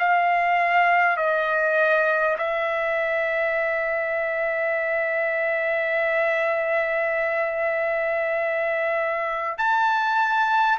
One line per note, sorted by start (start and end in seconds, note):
0.00 1.17 F5
1.17 2.37 D#5
2.38 9.58 E5
9.58 10.78 A5